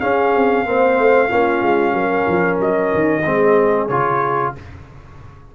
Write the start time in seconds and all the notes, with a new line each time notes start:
0.00 C#4 G#4 F5
0.34 C4
0.65 A#3 C4 C5
0.98 A3
1.28 A#3 C#4 F4
1.62 G#3
1.93 F#3 A#4
2.27 F3
2.60 F#3 D#5
2.94 D#3
3.25 G#3 C4 G#4
3.88 C#3 F4 C#5